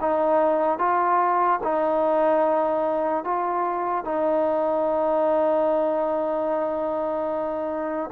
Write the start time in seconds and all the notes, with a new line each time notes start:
0.00 D#4
0.78 F4
1.63 D#4
3.24 F4
4.04 D#4